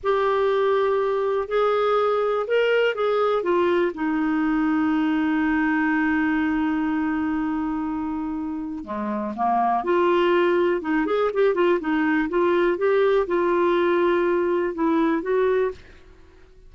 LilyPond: \new Staff \with { instrumentName = "clarinet" } { \time 4/4 \tempo 4 = 122 g'2. gis'4~ | gis'4 ais'4 gis'4 f'4 | dis'1~ | dis'1~ |
dis'2 gis4 ais4 | f'2 dis'8 gis'8 g'8 f'8 | dis'4 f'4 g'4 f'4~ | f'2 e'4 fis'4 | }